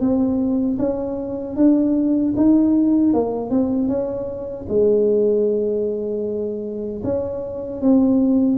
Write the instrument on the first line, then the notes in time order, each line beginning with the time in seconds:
tuba
0.00 C4
0.78 C#4
1.56 D4
2.37 D#4
3.13 A#3
3.50 C4
3.88 C#4
4.68 G#3
7.03 C#4
7.81 C4